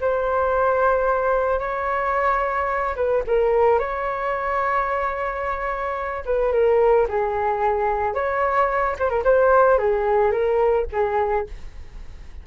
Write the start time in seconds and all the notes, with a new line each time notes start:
0.00 C5
1.59 C#5
2.95 B4
3.27 A#4
3.79 C#5
6.25 B4
6.52 A#4
7.08 G#4
8.14 C#5
8.99 C5
9.09 A#4
9.24 C5
9.78 G#4
10.31 A#4
10.92 G#4